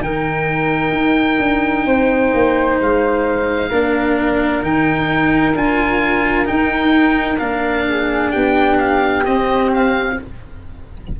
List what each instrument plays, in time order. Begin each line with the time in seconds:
0.00 tuba D#3, cello D#4, flute A#4, oboe G5
0.92 tuba D#4
1.39 tuba D4
1.85 tuba C4, flute C5
2.33 tuba A#3
2.80 tuba G#3, oboe F5
3.69 tuba A#3, cello D4, flute A#4
4.62 tuba D#3, cello D#4, oboe G5
5.54 tuba D4, cello F4, oboe G#5
6.45 cello D#4, tuba D#4, oboe G5
7.38 tuba A#3, cello D4, oboe F5
7.88 flute G#4
8.31 tuba B3, flute G4, oboe G5
8.78 oboe F5
9.24 cello C4, tuba C4, oboe D#5
9.73 oboe F5